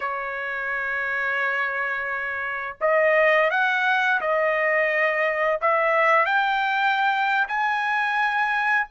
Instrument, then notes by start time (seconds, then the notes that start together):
trumpet
0.00 C#5
2.80 D#5
3.50 F#5
4.21 D#5
5.61 E5
6.25 G5
7.48 G#5